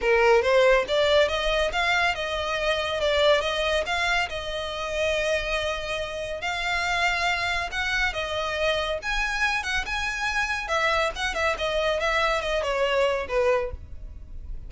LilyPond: \new Staff \with { instrumentName = "violin" } { \time 4/4 \tempo 4 = 140 ais'4 c''4 d''4 dis''4 | f''4 dis''2 d''4 | dis''4 f''4 dis''2~ | dis''2. f''4~ |
f''2 fis''4 dis''4~ | dis''4 gis''4. fis''8 gis''4~ | gis''4 e''4 fis''8 e''8 dis''4 | e''4 dis''8 cis''4. b'4 | }